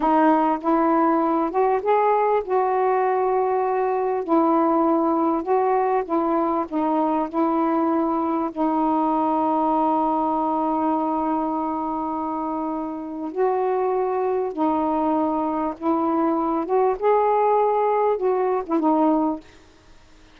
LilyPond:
\new Staff \with { instrumentName = "saxophone" } { \time 4/4 \tempo 4 = 99 dis'4 e'4. fis'8 gis'4 | fis'2. e'4~ | e'4 fis'4 e'4 dis'4 | e'2 dis'2~ |
dis'1~ | dis'2 fis'2 | dis'2 e'4. fis'8 | gis'2 fis'8. e'16 dis'4 | }